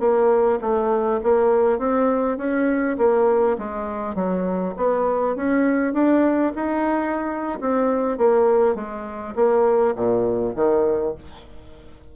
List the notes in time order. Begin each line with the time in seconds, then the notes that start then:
0.00 A#3
0.61 A3
1.23 A#3
1.79 C4
2.38 C#4
2.98 A#3
3.59 G#3
4.15 F#3
4.77 B3
5.36 C#4
5.94 D4
6.56 D#4
7.61 C4
8.18 A#3
8.75 G#3
9.36 A#3
9.96 A#2
10.56 D#3